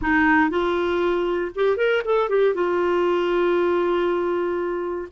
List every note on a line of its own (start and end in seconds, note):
0.01 0.50 D#4
0.50 1.51 F4
1.55 1.77 G4
1.77 2.02 A#4
2.04 2.29 A4
2.29 2.54 G4
2.54 5.08 F4